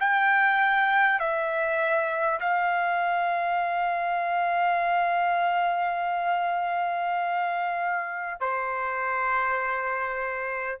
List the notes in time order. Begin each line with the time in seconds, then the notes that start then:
0.00 G5
1.19 E5
2.40 F5
8.40 C5